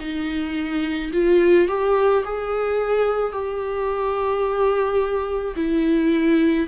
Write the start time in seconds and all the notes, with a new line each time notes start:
0.00 D#4
1.13 F4
1.68 G4
2.24 G#4
3.32 G4
5.56 E4